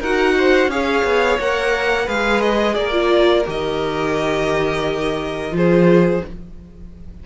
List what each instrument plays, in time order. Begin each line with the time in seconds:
0.00 cello D#4, viola F#4, violin A#4 F#5
0.38 violin C5
0.67 cello C#4, viola G#4, violin C#5 F5
1.04 cello B3
1.39 cello A#3, viola A#4, violin F#5
2.05 cello G#3, viola G#4, violin B4 F5
2.41 violin D#5
2.75 cello A#3, violin A#4 D5
2.92 viola F4
3.45 cello D#3, viola G4, violin D#5
5.51 cello F3, viola F4, violin G#4 C5